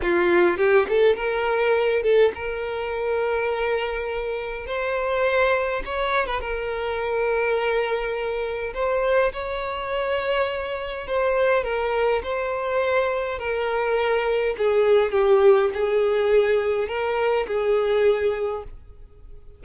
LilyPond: \new Staff \with { instrumentName = "violin" } { \time 4/4 \tempo 4 = 103 f'4 g'8 a'8 ais'4. a'8 | ais'1 | c''2 cis''8. b'16 ais'4~ | ais'2. c''4 |
cis''2. c''4 | ais'4 c''2 ais'4~ | ais'4 gis'4 g'4 gis'4~ | gis'4 ais'4 gis'2 | }